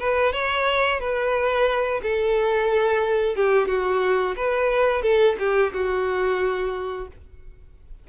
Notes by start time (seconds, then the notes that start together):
0.00 B4
0.33 C#5
1.01 B4
2.03 A4
3.36 G4
3.68 F#4
4.37 B4
5.03 A4
5.39 G4
5.74 F#4